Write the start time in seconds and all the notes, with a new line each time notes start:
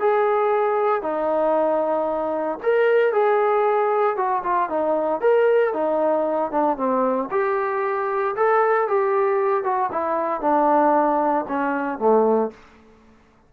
0.00 G#4
1.02 D#4
2.63 A#4
3.13 G#4
4.17 F#4
4.43 F4
4.70 D#4
5.22 A#4
5.74 D#4
6.52 D4
6.77 C4
7.31 G4
8.36 A4
8.88 G4
9.64 F#4
9.92 E4
10.41 D4
11.48 C#4
11.99 A3